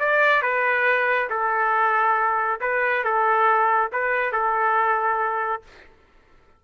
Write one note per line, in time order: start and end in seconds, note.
0.00 0.42 D5
0.42 1.29 B4
1.30 2.61 A4
2.61 3.05 B4
3.05 3.92 A4
3.93 4.33 B4
4.33 5.63 A4